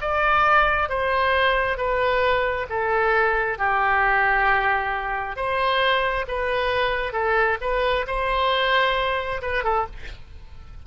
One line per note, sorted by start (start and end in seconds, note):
0.00 0.89 D5
0.89 1.77 C5
1.77 2.66 B4
2.69 3.58 A4
3.58 5.36 G4
5.36 6.25 C5
6.27 7.12 B4
7.12 7.57 A4
7.61 8.06 B4
8.07 9.41 C5
9.42 9.64 B4
9.64 9.86 A4